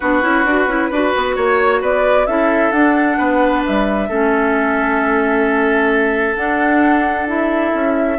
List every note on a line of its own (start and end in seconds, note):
0.00 0.23 B3
0.00 0.22 D4
0.00 0.89 F#4
0.00 1.35 B4
0.22 0.45 C#4
0.22 0.44 E4
0.45 0.66 D4
0.45 0.68 F#4
0.66 0.89 C#4
0.66 0.91 E4
0.89 1.13 D4
0.89 2.27 F#4
0.89 1.35 B4
1.16 1.36 B3
1.36 1.82 A#3
1.36 1.81 C#5
1.81 2.27 B3
1.81 2.26 B4
1.81 2.26 D5
2.26 2.72 C#4
2.26 2.73 E4
2.26 3.18 A4
2.26 2.72 E5
2.72 3.17 D4
2.72 4.09 D4
2.72 3.63 F#5
3.18 3.64 B3
3.18 4.08 B4
3.65 4.08 G3
3.65 6.36 E5
4.08 6.36 A3
4.08 6.35 C#4
4.08 8.18 A4
6.35 7.26 D4
6.35 7.72 D4
6.35 7.27 F#5
7.26 8.17 E4
7.26 8.19 E5
7.73 8.19 C#4